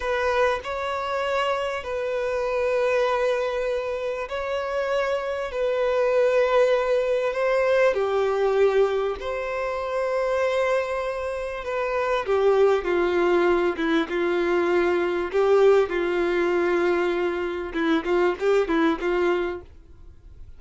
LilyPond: \new Staff \with { instrumentName = "violin" } { \time 4/4 \tempo 4 = 98 b'4 cis''2 b'4~ | b'2. cis''4~ | cis''4 b'2. | c''4 g'2 c''4~ |
c''2. b'4 | g'4 f'4. e'8 f'4~ | f'4 g'4 f'2~ | f'4 e'8 f'8 g'8 e'8 f'4 | }